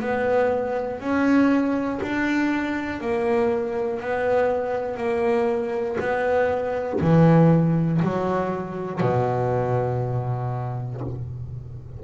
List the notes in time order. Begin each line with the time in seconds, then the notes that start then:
0.00 B3
1.00 C#4
2.02 D4
3.00 A#3
4.00 B3
4.97 A#3
6.00 B3
7.00 E3
8.02 F#3
9.00 B2